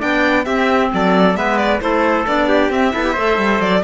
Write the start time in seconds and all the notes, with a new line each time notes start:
0.00 B3 D4 D5 G5
0.45 C4 G4 E5
0.94 F#3 A4 D5
1.35 G#3 B3 B4 E5
1.58 D5
1.80 A3 E4 A4 C5
2.27 B3 D4 D5
2.49 G4
2.70 C4 E5
2.92 B3 E4 A4
3.05 G4
3.13 A3 A4 C5
3.37 G3
3.60 F#3 D5